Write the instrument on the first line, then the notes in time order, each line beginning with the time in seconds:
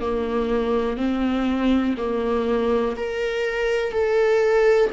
viola
0.00 A#3
0.97 C4
1.97 A#3
2.96 A#4
3.92 A4